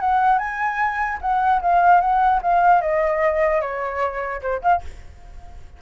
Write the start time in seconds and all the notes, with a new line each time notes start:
0.00 F#5
0.38 G#5
1.21 F#5
1.62 F5
2.01 F#5
2.42 F5
2.81 D#5
3.61 C#5
4.41 C5
4.62 F5